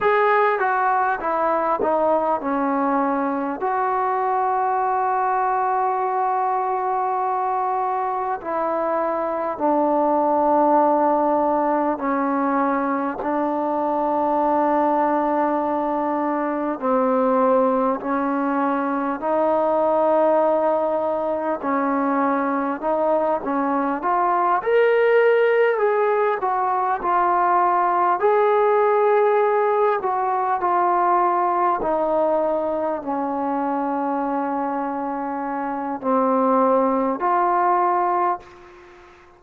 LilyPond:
\new Staff \with { instrumentName = "trombone" } { \time 4/4 \tempo 4 = 50 gis'8 fis'8 e'8 dis'8 cis'4 fis'4~ | fis'2. e'4 | d'2 cis'4 d'4~ | d'2 c'4 cis'4 |
dis'2 cis'4 dis'8 cis'8 | f'8 ais'4 gis'8 fis'8 f'4 gis'8~ | gis'4 fis'8 f'4 dis'4 cis'8~ | cis'2 c'4 f'4 | }